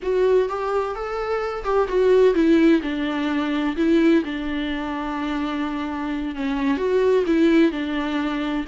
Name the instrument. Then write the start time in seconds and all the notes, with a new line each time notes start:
viola
0.02 F#4
0.48 G4
0.95 A4
1.64 G4
1.87 F#4
2.34 E4
2.82 D4
3.76 E4
4.24 D4
6.35 C#4
6.77 F#4
7.26 E4
7.71 D4